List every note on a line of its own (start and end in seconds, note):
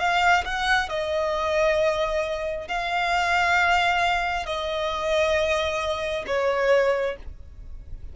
0.00 0.45 F5
0.46 0.90 F#5
0.90 2.68 D#5
2.68 4.47 F5
4.47 6.26 D#5
6.27 7.17 C#5